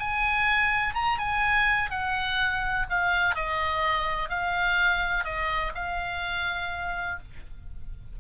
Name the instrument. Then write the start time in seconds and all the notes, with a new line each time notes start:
oboe
0.00 G#5
0.95 A#5
1.19 G#5
1.91 F#5
2.90 F5
3.36 D#5
4.29 F5
5.25 D#5
5.75 F5